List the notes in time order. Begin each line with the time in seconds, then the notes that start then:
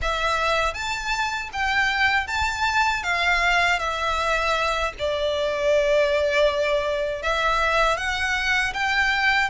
0.01 E5
0.74 A5
1.53 G5
2.27 A5
3.03 F5
3.79 E5
4.99 D5
7.22 E5
7.97 F#5
8.73 G5